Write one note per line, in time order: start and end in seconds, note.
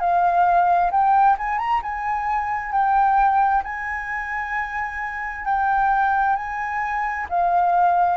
0.00 0.91 F5
0.91 1.37 G5
1.38 1.59 G#5
1.59 1.81 A#5
1.82 2.72 G#5
2.72 3.63 G5
3.64 5.45 G#5
5.45 6.36 G5
6.36 7.27 G#5
7.29 8.17 F5